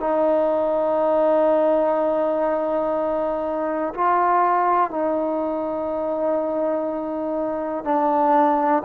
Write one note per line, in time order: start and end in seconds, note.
0.00 3.93 D#4
3.94 4.90 F4
4.90 7.84 D#4
7.84 8.83 D4